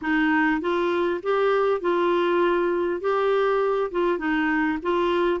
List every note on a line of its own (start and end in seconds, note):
0.01 0.60 D#4
0.60 1.20 F4
1.22 1.80 G4
1.80 3.00 F4
3.01 3.91 G4
3.91 4.18 F4
4.18 4.78 D#4
4.82 5.40 F4